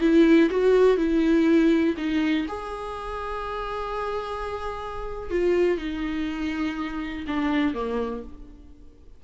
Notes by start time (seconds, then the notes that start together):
0.00 E4
0.49 F#4
0.97 E4
1.97 D#4
2.47 G#4
5.30 F4
5.77 D#4
7.27 D4
7.73 A#3